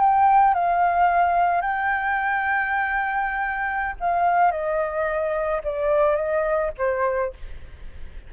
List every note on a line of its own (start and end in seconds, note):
0.00 0.55 G5
0.55 1.62 F5
1.62 3.96 G5
4.01 4.52 F5
4.52 5.62 D#5
5.64 6.17 D5
6.17 6.72 D#5
6.78 7.33 C5